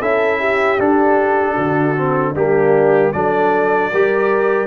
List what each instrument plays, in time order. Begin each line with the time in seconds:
0.00 tuba C#4, trombone E4, horn A4, trumpet E5
0.39 horn G4
0.79 trombone D4, tuba D4, trumpet A4
1.53 tuba D3, horn F#4
1.96 trombone C4
2.34 tuba G3, trombone A#3, horn D4, trumpet G4
3.12 tuba F#3, trombone D4, horn A4, trumpet D5
3.91 tuba G3, trombone G4, horn A#4